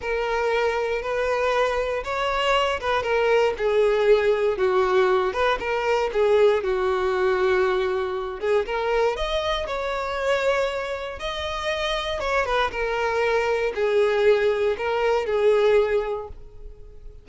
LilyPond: \new Staff \with { instrumentName = "violin" } { \time 4/4 \tempo 4 = 118 ais'2 b'2 | cis''4. b'8 ais'4 gis'4~ | gis'4 fis'4. b'8 ais'4 | gis'4 fis'2.~ |
fis'8 gis'8 ais'4 dis''4 cis''4~ | cis''2 dis''2 | cis''8 b'8 ais'2 gis'4~ | gis'4 ais'4 gis'2 | }